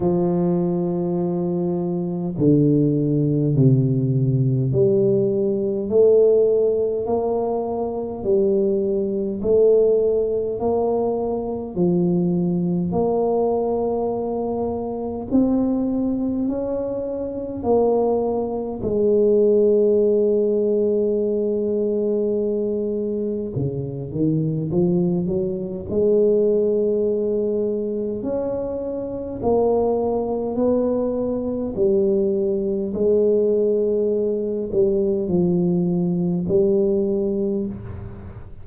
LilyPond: \new Staff \with { instrumentName = "tuba" } { \time 4/4 \tempo 4 = 51 f2 d4 c4 | g4 a4 ais4 g4 | a4 ais4 f4 ais4~ | ais4 c'4 cis'4 ais4 |
gis1 | cis8 dis8 f8 fis8 gis2 | cis'4 ais4 b4 g4 | gis4. g8 f4 g4 | }